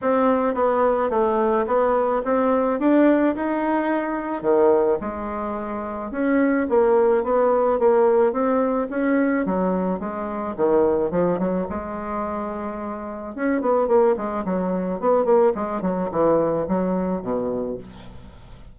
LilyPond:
\new Staff \with { instrumentName = "bassoon" } { \time 4/4 \tempo 4 = 108 c'4 b4 a4 b4 | c'4 d'4 dis'2 | dis4 gis2 cis'4 | ais4 b4 ais4 c'4 |
cis'4 fis4 gis4 dis4 | f8 fis8 gis2. | cis'8 b8 ais8 gis8 fis4 b8 ais8 | gis8 fis8 e4 fis4 b,4 | }